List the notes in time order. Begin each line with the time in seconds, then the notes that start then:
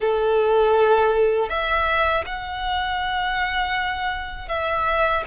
0.00 A4
1.49 E5
2.25 F#5
4.48 E5